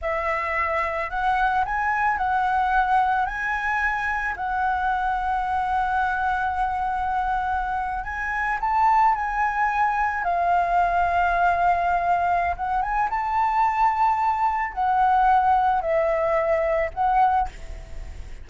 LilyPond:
\new Staff \with { instrumentName = "flute" } { \time 4/4 \tempo 4 = 110 e''2 fis''4 gis''4 | fis''2 gis''2 | fis''1~ | fis''2~ fis''8. gis''4 a''16~ |
a''8. gis''2 f''4~ f''16~ | f''2. fis''8 gis''8 | a''2. fis''4~ | fis''4 e''2 fis''4 | }